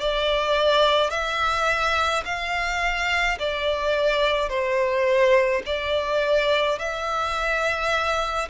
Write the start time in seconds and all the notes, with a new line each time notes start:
0.00 D5
1.11 E5
2.25 F5
3.39 D5
4.49 C5
5.66 D5
6.79 E5